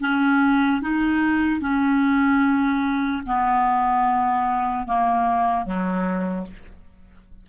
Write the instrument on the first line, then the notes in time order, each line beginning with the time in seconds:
clarinet
0.00 C#4
0.81 D#4
1.61 C#4
3.26 B3
4.87 A#3
5.65 F#3